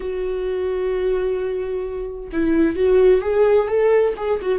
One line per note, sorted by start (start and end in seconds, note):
0.00 2.29 F#4
2.32 2.76 E4
2.76 3.21 F#4
3.21 3.67 G#4
3.68 4.14 A4
4.16 4.40 G#4
4.41 4.59 F#4